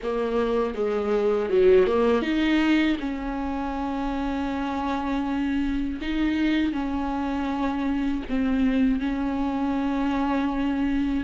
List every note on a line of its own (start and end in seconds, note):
0.02 0.74 A#3
0.74 1.49 G#3
1.49 1.86 F#3
1.86 2.22 A#3
2.22 2.97 D#4
2.99 5.99 C#4
6.01 6.73 D#4
6.73 8.23 C#4
8.29 8.99 C4
8.99 11.24 C#4